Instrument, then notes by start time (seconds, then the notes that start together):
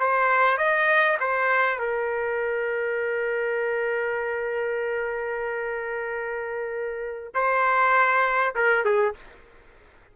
trumpet
0.00 C5
0.58 D#5
1.21 C5
1.79 A#4
7.35 C5
8.55 A#4
8.85 G#4